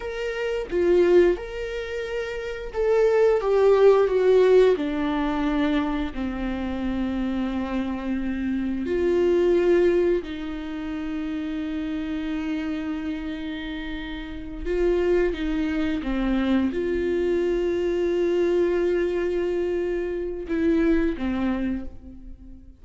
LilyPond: \new Staff \with { instrumentName = "viola" } { \time 4/4 \tempo 4 = 88 ais'4 f'4 ais'2 | a'4 g'4 fis'4 d'4~ | d'4 c'2.~ | c'4 f'2 dis'4~ |
dis'1~ | dis'4. f'4 dis'4 c'8~ | c'8 f'2.~ f'8~ | f'2 e'4 c'4 | }